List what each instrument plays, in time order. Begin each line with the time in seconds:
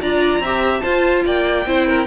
0.00 cello D4, viola F4, violin D5 A#5
0.39 cello C4, viola G4, violin E5
0.80 viola F4, cello F4, violin C5 A5
1.25 cello A#3, violin D5 G5
1.65 cello C4, viola E4, violin C5
1.88 violin A#4